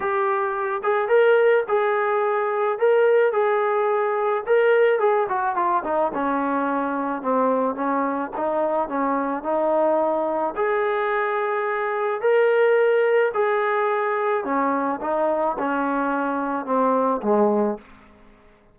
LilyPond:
\new Staff \with { instrumentName = "trombone" } { \time 4/4 \tempo 4 = 108 g'4. gis'8 ais'4 gis'4~ | gis'4 ais'4 gis'2 | ais'4 gis'8 fis'8 f'8 dis'8 cis'4~ | cis'4 c'4 cis'4 dis'4 |
cis'4 dis'2 gis'4~ | gis'2 ais'2 | gis'2 cis'4 dis'4 | cis'2 c'4 gis4 | }